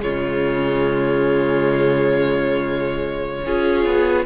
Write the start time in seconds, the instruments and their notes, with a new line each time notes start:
0.00 cello C#3, viola G#3, violin F4 C#5
3.45 cello C#4, viola F4, violin G#4
3.86 cello B3